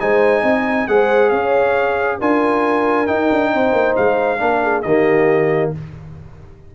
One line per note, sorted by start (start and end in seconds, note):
0.00 0.43 G#3
0.00 0.88 D#4
0.00 0.43 C5
0.00 0.88 G#5
0.43 0.87 C4
0.43 0.87 D#5
0.88 1.32 G#3
0.88 2.21 G#4
0.88 1.32 C5
0.88 1.30 F#5
1.30 2.20 C#4
1.30 2.19 C#5
1.30 2.18 F5
2.19 3.09 D4
2.19 3.07 F4
2.19 3.52 A#4
2.19 3.07 G#5
3.07 4.39 D#4
3.07 3.32 D#4
3.07 3.95 G5
3.32 3.54 D4
3.52 3.73 C4
3.52 4.40 C5
3.73 3.95 A#3
3.97 4.41 G#3
3.97 4.82 F5
4.39 4.85 A#3
4.39 4.83 D4
4.39 4.63 A#4
4.63 4.85 G#4
4.82 5.73 D#3
4.82 5.75 A#3
4.82 5.73 G4
4.82 5.70 D#5